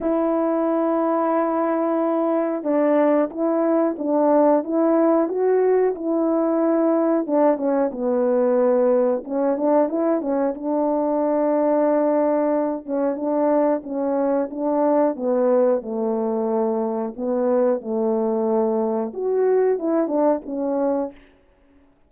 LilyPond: \new Staff \with { instrumentName = "horn" } { \time 4/4 \tempo 4 = 91 e'1 | d'4 e'4 d'4 e'4 | fis'4 e'2 d'8 cis'8 | b2 cis'8 d'8 e'8 cis'8 |
d'2.~ d'8 cis'8 | d'4 cis'4 d'4 b4 | a2 b4 a4~ | a4 fis'4 e'8 d'8 cis'4 | }